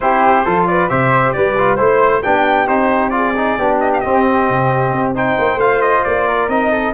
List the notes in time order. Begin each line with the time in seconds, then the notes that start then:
0.00 C4 E4 G4 C5
0.44 F3 F4 A4
0.66 B4 D5
0.89 C3 G4 C5 E5
1.32 G3 B4 D5
1.58 F4
1.76 A3 E4 C5
2.22 B3 D4 G4 G5
2.67 C4 D#4 C5
3.09 F4 G#4 D5
3.36 D#4
3.58 B3 D4 G4
3.80 D#5
3.93 F5
4.00 C4 D#5
4.49 C3
4.91 C4
5.14 D#4 C5 G5
5.38 A#3
5.55 A3 F4 F5
5.81 D#5
6.04 A#3 D5
6.27 A#4
6.48 C4 D#4 D#5
6.70 A4